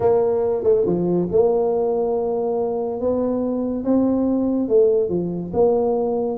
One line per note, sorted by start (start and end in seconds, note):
0.00 0.63 A#3
0.63 0.84 A3
0.85 1.28 F3
1.31 3.00 A#3
3.00 3.84 B3
3.84 4.68 C4
4.68 5.09 A3
5.09 5.51 F3
5.53 6.38 A#3